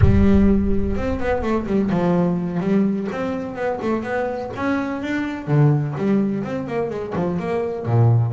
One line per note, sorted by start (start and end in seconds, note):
0.01 0.96 G3
0.96 1.19 C4
1.19 1.42 B3
1.42 1.66 A3
1.66 1.90 G3
1.90 2.60 F3
2.60 3.07 G3
3.11 3.55 C4
3.55 3.79 B3
3.81 4.03 A3
4.03 4.50 B3
4.56 5.02 C#4
5.02 5.47 D4
5.47 5.95 D3
5.97 6.43 G3
6.43 6.67 C4
6.67 6.90 A#3
6.90 7.13 G#3
7.15 7.39 F3
7.39 7.85 A#3
7.85 8.32 A#2